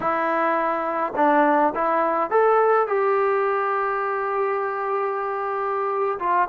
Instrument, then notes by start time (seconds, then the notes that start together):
trombone
0.00 E4
1.16 D4
1.74 E4
2.30 A4
2.87 G4
6.19 F4